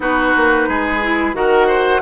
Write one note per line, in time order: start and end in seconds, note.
0.00 0.34 B3
0.00 1.00 D#4
0.00 0.68 F#4
0.00 1.35 B4
0.36 0.68 A#3
0.68 1.33 G#3
0.68 1.35 G#4
1.02 1.33 E4
1.33 2.01 D#3
1.33 2.01 F#4
1.33 1.67 A#4
1.33 2.02 F#5
1.67 2.01 C5